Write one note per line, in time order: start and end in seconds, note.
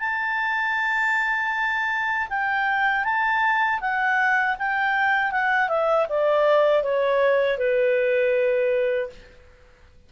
0.00 2.28 A5
2.30 3.04 G5
3.04 3.80 A5
3.81 4.57 F#5
4.59 5.32 G5
5.32 5.69 F#5
5.69 6.07 E5
6.09 6.84 D5
6.84 7.58 C#5
7.58 9.10 B4